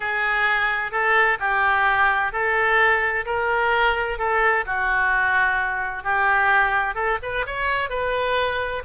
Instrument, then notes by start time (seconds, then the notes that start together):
oboe
0.00 G#4
0.91 A4
1.39 G4
2.32 A4
3.25 A#4
4.18 A4
4.65 F#4
6.03 G4
6.94 A4
7.22 B4
7.46 C#5
7.89 B4